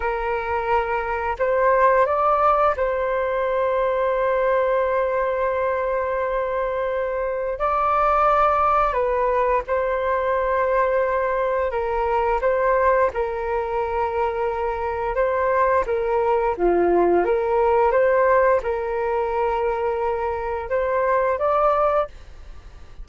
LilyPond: \new Staff \with { instrumentName = "flute" } { \time 4/4 \tempo 4 = 87 ais'2 c''4 d''4 | c''1~ | c''2. d''4~ | d''4 b'4 c''2~ |
c''4 ais'4 c''4 ais'4~ | ais'2 c''4 ais'4 | f'4 ais'4 c''4 ais'4~ | ais'2 c''4 d''4 | }